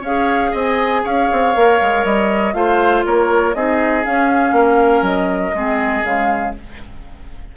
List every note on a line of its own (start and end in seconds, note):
0.00 0.50 C#4
0.00 1.54 G#4
0.00 0.51 C#5
0.00 0.54 F5
0.51 1.04 C4
0.51 1.01 D#5
0.58 1.05 G#5
1.04 1.30 C#4
1.04 2.54 C#5
1.04 2.04 F5
1.32 1.55 C4
1.54 1.80 A#3
1.54 2.53 A#4
1.81 2.04 G#3
2.04 2.54 G3
2.04 2.53 D#5
2.53 3.04 A3
2.53 3.53 F4
2.53 3.05 C5
2.53 3.03 F5
3.05 3.54 A#3
3.05 3.55 A#4
3.05 3.54 C#5
3.54 4.04 C4
3.54 4.02 D#4
3.54 4.55 G#4
3.54 4.04 D#5
4.02 5.52 C#4
4.02 4.52 C#4
4.02 5.04 F5
4.52 5.01 A#3
4.52 5.55 A#4
5.01 5.51 F#3
5.01 6.04 D#5
5.54 6.03 G#3
5.54 6.04 C4
5.54 6.56 G#4
6.03 6.52 C#3
6.03 6.54 G#3
6.03 6.54 F5